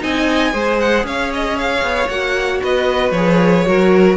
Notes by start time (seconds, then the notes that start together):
0.00 C4 D#4 D#5 G#5
0.53 G#3 G#4 C5
0.80 F#5
1.04 C#4 C#5 F5
1.35 D#5
1.58 F5
1.83 B3
2.09 A#3 F#4 F#5
2.62 B3 B4 D#5
3.12 F3 G#4 C#5
3.66 F#3 F#4 A#4